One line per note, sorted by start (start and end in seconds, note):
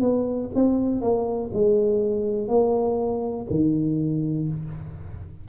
0.00 0.49 B3
0.55 1.01 C4
1.01 1.50 A#3
1.53 2.48 G#3
2.48 3.46 A#3
3.50 4.48 D#3